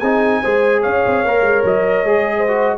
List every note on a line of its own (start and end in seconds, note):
0.00 0.43 C4
0.00 0.44 D#4
0.00 0.41 G#4
0.00 0.82 G#5
0.42 0.86 G#3
0.42 1.27 G#4
0.42 0.82 C5
0.82 1.06 C#4
0.82 2.36 C#5
0.82 1.65 F5
1.07 1.25 C4
1.25 1.42 A#3
1.25 2.06 A#4
1.42 1.63 G#3
1.64 2.04 F#3
1.64 2.79 D#5
2.04 2.76 G#3
2.04 2.47 G#4
2.37 2.79 C5
2.48 2.79 F#4